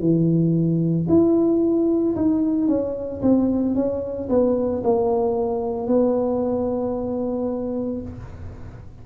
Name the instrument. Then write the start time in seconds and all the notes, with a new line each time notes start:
tuba
0.00 E3
1.09 E4
2.16 D#4
2.68 C#4
3.22 C4
3.75 C#4
4.29 B3
4.84 A#3
5.87 B3